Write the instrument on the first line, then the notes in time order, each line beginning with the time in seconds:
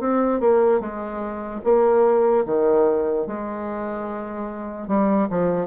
bassoon
0.00 C4
0.40 A#3
0.80 G#3
1.64 A#3
2.46 D#3
3.27 G#3
4.88 G3
5.30 F3